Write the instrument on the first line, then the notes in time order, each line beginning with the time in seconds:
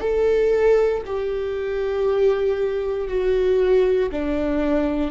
viola
0.00 A4
1.05 G4
3.07 F#4
4.11 D4